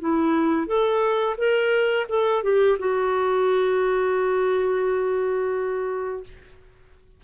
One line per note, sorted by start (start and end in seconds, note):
0.00 0.67 E4
0.67 1.36 A4
1.37 2.06 A#4
2.08 2.43 A4
2.43 2.77 G4
2.78 6.23 F#4